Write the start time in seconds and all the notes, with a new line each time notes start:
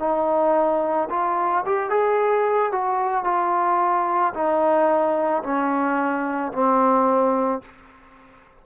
0.00 D#4
1.10 F4
1.66 G4
1.90 G#4
2.72 F#4
3.25 F4
4.34 D#4
5.43 C#4
6.53 C4